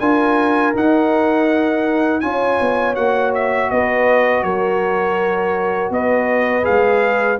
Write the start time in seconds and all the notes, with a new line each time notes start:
0.00 D4 F4 A#4 G#5
0.75 D#4 F#5
2.21 C#4 F4 C#5 G#5
2.61 B3
2.96 A#3 F#4 F#5
3.35 E5
3.71 B3 B4 D#5
4.44 F#3 A#4 C#5
5.91 B3 B4 D#5
6.63 G#4 F5
6.69 G#3